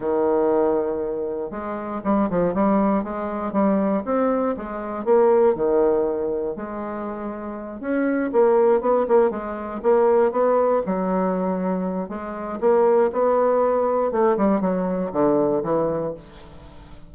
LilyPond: \new Staff \with { instrumentName = "bassoon" } { \time 4/4 \tempo 4 = 119 dis2. gis4 | g8 f8 g4 gis4 g4 | c'4 gis4 ais4 dis4~ | dis4 gis2~ gis8 cis'8~ |
cis'8 ais4 b8 ais8 gis4 ais8~ | ais8 b4 fis2~ fis8 | gis4 ais4 b2 | a8 g8 fis4 d4 e4 | }